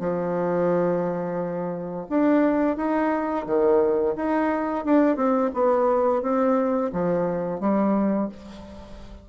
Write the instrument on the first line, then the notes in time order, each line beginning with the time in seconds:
bassoon
0.00 F3
2.10 D4
2.77 D#4
3.46 D#3
4.16 D#4
4.85 D4
5.16 C4
5.54 B3
6.22 C4
6.93 F3
7.60 G3